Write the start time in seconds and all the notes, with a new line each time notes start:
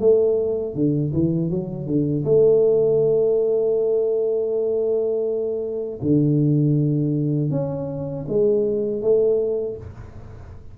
0.00 A3
0.75 D3
1.13 E3
1.50 F#3
1.87 D3
2.25 A3
6.02 D3
7.51 C#4
8.28 G#3
9.02 A3